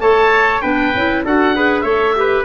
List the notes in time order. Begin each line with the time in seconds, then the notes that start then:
0.00 A3 A4 C#5 A5
0.61 B3 D4 B4 G5
0.95 C#4 E4
1.24 D4 F#4 A4 F#5
1.55 G#4 B4
1.81 A3 A4 C#5 E5
2.15 G4 B4